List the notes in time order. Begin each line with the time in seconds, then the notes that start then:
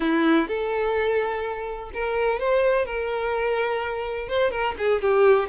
0.00 E4
0.48 A4
1.93 A#4
2.39 C5
2.85 A#4
4.28 C5
4.50 A#4
4.77 G#4
5.01 G4